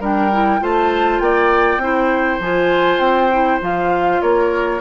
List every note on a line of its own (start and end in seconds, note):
0.00 0.60 G3
0.00 0.31 D4
0.00 0.60 A#4
0.00 0.63 G5
0.32 0.60 E4
0.60 1.20 A3
0.60 1.80 F4
0.60 1.22 C5
0.60 1.20 A5
1.20 1.77 A#3
1.20 1.82 D5
1.20 2.40 G5
1.77 2.37 C4
1.77 2.41 E4
1.77 4.22 C5
2.40 2.99 F3
2.40 3.32 F4
2.40 3.00 G#5
2.99 3.59 C4
2.99 3.60 G5
3.32 3.61 E4
3.61 4.22 F3
3.61 4.81 F4
3.61 4.22 F5
4.22 4.81 A#3
4.22 4.81 A#4
4.22 4.81 C#5